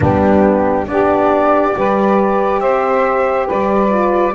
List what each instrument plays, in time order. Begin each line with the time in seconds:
0.00 double bass G3, horn B3, saxophone D4, flute G4
0.86 double bass B3, horn D4, saxophone G4, flute D5
1.72 double bass G3, horn G4, saxophone B4
2.60 double bass C4, saxophone C5, flute E5
3.46 double bass G3, saxophone B4, flute D5
3.89 horn F4